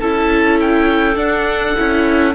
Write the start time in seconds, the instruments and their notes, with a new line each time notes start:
0.00 cello C#4, viola E4, clarinet A4, oboe A5
0.61 oboe G5
1.15 viola D4, cello D4, oboe F#5
1.77 cello C#4, viola E4